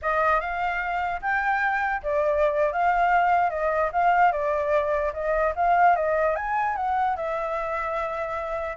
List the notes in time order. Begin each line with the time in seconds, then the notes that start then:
0.02 D#5
0.40 F5
1.21 G5
2.02 D5
2.72 F5
3.50 D#5
3.92 F5
4.32 D5
5.13 D#5
5.55 F5
5.95 D#5
6.35 G#5
6.76 F#5
7.16 E5